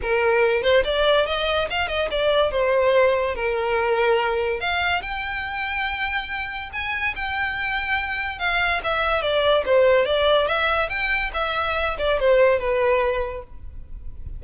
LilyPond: \new Staff \with { instrumentName = "violin" } { \time 4/4 \tempo 4 = 143 ais'4. c''8 d''4 dis''4 | f''8 dis''8 d''4 c''2 | ais'2. f''4 | g''1 |
gis''4 g''2. | f''4 e''4 d''4 c''4 | d''4 e''4 g''4 e''4~ | e''8 d''8 c''4 b'2 | }